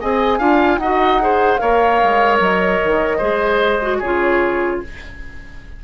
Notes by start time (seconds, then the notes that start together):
0.00 C4 G#4 D#5 G#5
0.38 D4 F4 F5
0.78 D#4 F#4 D#5 F#5
1.20 G#4 C5
1.57 A#3 A#4 C#5 F5
2.03 G#3
2.40 F#3 D#5
2.84 D#3
3.18 G#3 G#4 C5
3.81 F#4
3.98 C#3 F4 G#4 C#5